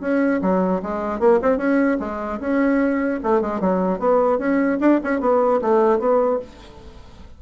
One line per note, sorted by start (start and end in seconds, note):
0.00 0.40 C#4
0.41 0.81 F#3
0.82 1.19 G#3
1.19 1.39 A#3
1.42 1.57 C4
1.57 1.97 C#4
1.99 2.39 G#3
2.40 3.20 C#4
3.23 3.41 A3
3.41 3.60 G#3
3.60 3.99 F#3
3.99 4.38 B3
4.38 4.78 C#4
4.80 5.00 D4
5.03 5.20 C#4
5.20 5.60 B3
5.61 5.99 A3
5.99 6.39 B3